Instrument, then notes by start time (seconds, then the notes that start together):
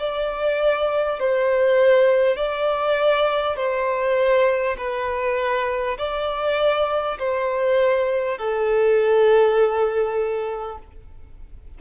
violin
0.00 D5
1.20 C5
2.37 D5
3.57 C5
4.78 B4
5.99 D5
7.19 C5
8.39 A4